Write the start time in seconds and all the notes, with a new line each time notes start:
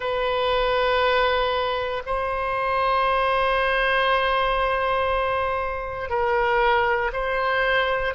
0.00 B4
2.06 C5
6.09 A#4
7.12 C5